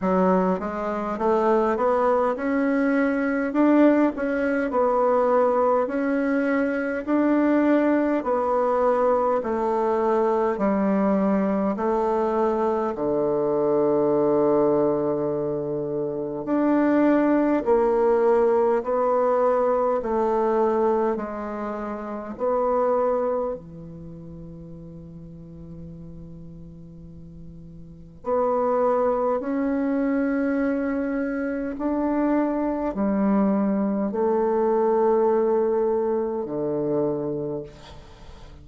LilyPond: \new Staff \with { instrumentName = "bassoon" } { \time 4/4 \tempo 4 = 51 fis8 gis8 a8 b8 cis'4 d'8 cis'8 | b4 cis'4 d'4 b4 | a4 g4 a4 d4~ | d2 d'4 ais4 |
b4 a4 gis4 b4 | e1 | b4 cis'2 d'4 | g4 a2 d4 | }